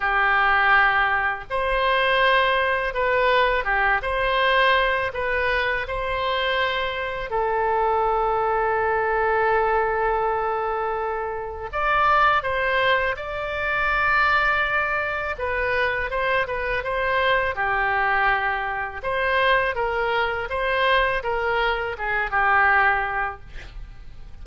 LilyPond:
\new Staff \with { instrumentName = "oboe" } { \time 4/4 \tempo 4 = 82 g'2 c''2 | b'4 g'8 c''4. b'4 | c''2 a'2~ | a'1 |
d''4 c''4 d''2~ | d''4 b'4 c''8 b'8 c''4 | g'2 c''4 ais'4 | c''4 ais'4 gis'8 g'4. | }